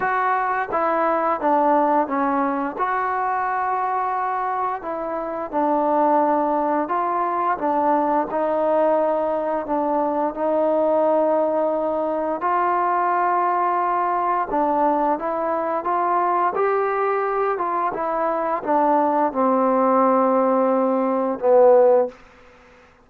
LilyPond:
\new Staff \with { instrumentName = "trombone" } { \time 4/4 \tempo 4 = 87 fis'4 e'4 d'4 cis'4 | fis'2. e'4 | d'2 f'4 d'4 | dis'2 d'4 dis'4~ |
dis'2 f'2~ | f'4 d'4 e'4 f'4 | g'4. f'8 e'4 d'4 | c'2. b4 | }